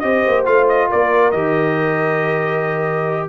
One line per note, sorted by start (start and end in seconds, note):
0.00 0.25 C4
0.00 0.45 G4
0.00 0.90 C5
0.00 0.44 D#5
0.27 0.47 A#3
0.45 0.91 A3
0.45 1.33 F4
0.45 0.68 F5
0.69 0.91 D#5
0.90 1.33 A#3
0.90 3.29 A#4
0.90 1.32 D5
1.32 3.29 D#3
1.32 3.29 G4
1.32 3.29 D#5